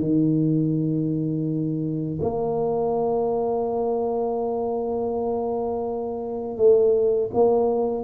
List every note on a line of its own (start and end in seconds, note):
0.00 2.20 D#3
2.22 6.58 A#3
6.58 7.31 A3
7.34 8.05 A#3